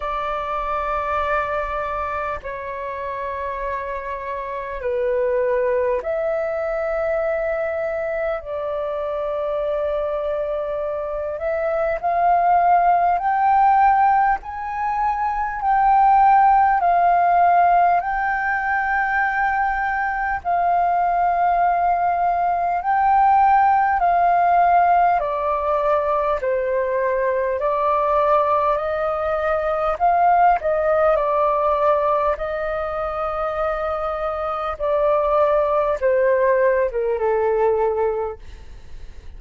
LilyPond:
\new Staff \with { instrumentName = "flute" } { \time 4/4 \tempo 4 = 50 d''2 cis''2 | b'4 e''2 d''4~ | d''4. e''8 f''4 g''4 | gis''4 g''4 f''4 g''4~ |
g''4 f''2 g''4 | f''4 d''4 c''4 d''4 | dis''4 f''8 dis''8 d''4 dis''4~ | dis''4 d''4 c''8. ais'16 a'4 | }